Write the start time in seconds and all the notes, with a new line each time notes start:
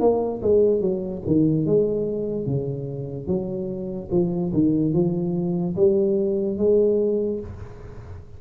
0.00 A#3
0.42 G#3
0.81 F#3
1.26 D#3
1.66 G#3
2.46 C#3
3.27 F#3
4.11 F3
4.53 D#3
4.93 F3
5.76 G3
6.58 G#3